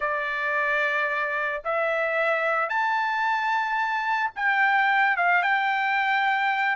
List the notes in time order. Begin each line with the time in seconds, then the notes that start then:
0.00 D5
1.64 E5
2.69 A5
4.35 G5
5.16 F5
5.42 G5